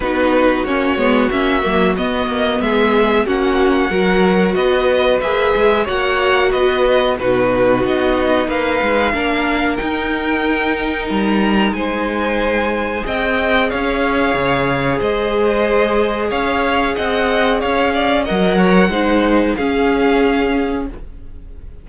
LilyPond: <<
  \new Staff \with { instrumentName = "violin" } { \time 4/4 \tempo 4 = 92 b'4 cis''4 e''4 dis''4 | e''4 fis''2 dis''4 | e''4 fis''4 dis''4 b'4 | dis''4 f''2 g''4~ |
g''4 ais''4 gis''2 | g''4 f''2 dis''4~ | dis''4 f''4 fis''4 f''4 | fis''2 f''2 | }
  \new Staff \with { instrumentName = "violin" } { \time 4/4 fis'1 | gis'4 fis'4 ais'4 b'4~ | b'4 cis''4 b'4 fis'4~ | fis'4 b'4 ais'2~ |
ais'2 c''2 | dis''4 cis''2 c''4~ | c''4 cis''4 dis''4 cis''8 d''8 | dis''8 cis''8 c''4 gis'2 | }
  \new Staff \with { instrumentName = "viola" } { \time 4/4 dis'4 cis'8 b8 cis'8 ais8 b4~ | b4 cis'4 fis'2 | gis'4 fis'2 dis'4~ | dis'2 d'4 dis'4~ |
dis'1 | gis'1~ | gis'1 | ais'4 dis'4 cis'2 | }
  \new Staff \with { instrumentName = "cello" } { \time 4/4 b4 ais8 gis8 ais8 fis8 b8 ais8 | gis4 ais4 fis4 b4 | ais8 gis8 ais4 b4 b,4 | b4 ais8 gis8 ais4 dis'4~ |
dis'4 g4 gis2 | c'4 cis'4 cis4 gis4~ | gis4 cis'4 c'4 cis'4 | fis4 gis4 cis'2 | }
>>